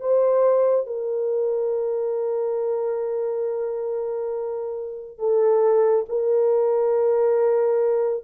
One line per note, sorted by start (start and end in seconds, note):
0.00 0.86 C5
0.86 5.18 A#4
5.18 6.05 A4
6.09 8.24 A#4